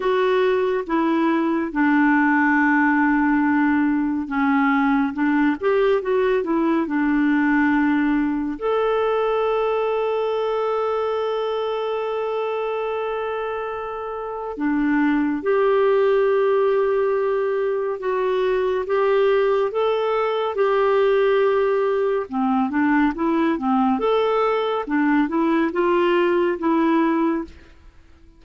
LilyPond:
\new Staff \with { instrumentName = "clarinet" } { \time 4/4 \tempo 4 = 70 fis'4 e'4 d'2~ | d'4 cis'4 d'8 g'8 fis'8 e'8 | d'2 a'2~ | a'1~ |
a'4 d'4 g'2~ | g'4 fis'4 g'4 a'4 | g'2 c'8 d'8 e'8 c'8 | a'4 d'8 e'8 f'4 e'4 | }